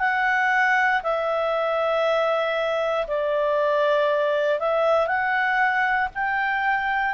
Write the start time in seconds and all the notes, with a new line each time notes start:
0.00 F#5
1.04 E5
3.08 D5
4.60 E5
5.07 F#5
6.15 G5